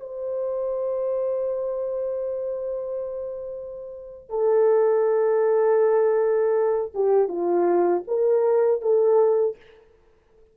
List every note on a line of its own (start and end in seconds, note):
0.00 4.29 C5
4.29 6.92 A4
6.94 7.28 G4
7.28 8.03 F4
8.07 8.81 A#4
8.81 9.56 A4